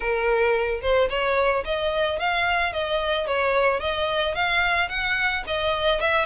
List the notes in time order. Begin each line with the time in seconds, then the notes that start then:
0.00 A#4
0.81 C5
1.09 C#5
1.64 D#5
2.19 F5
2.72 D#5
3.26 C#5
3.80 D#5
4.34 F5
4.88 F#5
5.47 D#5
6.00 E5